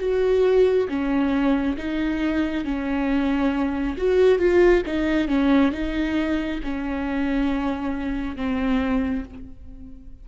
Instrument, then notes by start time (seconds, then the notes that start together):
viola
0.00 F#4
0.89 C#4
1.78 D#4
2.65 C#4
3.98 F#4
4.39 F4
4.86 D#4
5.28 C#4
5.72 D#4
6.64 C#4
8.37 C4